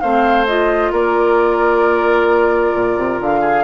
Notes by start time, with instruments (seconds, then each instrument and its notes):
0.00 bassoon A3, clarinet C4, oboe C5, flute F5
0.46 clarinet F4, flute D#5
0.92 bassoon A#3, oboe A#4, flute D5
2.74 bassoon A#2
2.97 bassoon C3
3.20 bassoon D3, flute F5
3.41 oboe G#4